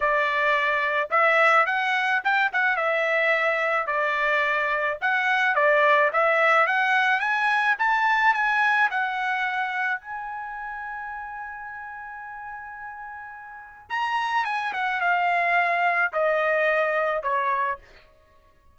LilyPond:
\new Staff \with { instrumentName = "trumpet" } { \time 4/4 \tempo 4 = 108 d''2 e''4 fis''4 | g''8 fis''8 e''2 d''4~ | d''4 fis''4 d''4 e''4 | fis''4 gis''4 a''4 gis''4 |
fis''2 gis''2~ | gis''1~ | gis''4 ais''4 gis''8 fis''8 f''4~ | f''4 dis''2 cis''4 | }